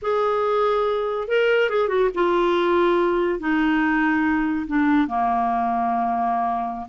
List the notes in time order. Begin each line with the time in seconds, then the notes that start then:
0.02 G#4
1.28 A#4
1.69 G#4
1.88 F#4
2.14 F4
3.39 D#4
4.67 D4
5.07 A#3